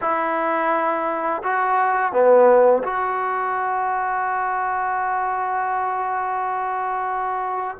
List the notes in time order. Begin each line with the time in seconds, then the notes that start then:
0.01 E4
1.43 F#4
2.12 B3
2.83 F#4